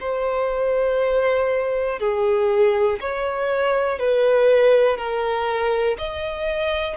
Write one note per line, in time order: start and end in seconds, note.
0.00 1.99 C5
1.99 2.99 G#4
3.00 3.99 C#5
3.99 4.98 B4
4.98 5.98 A#4
5.99 6.97 D#5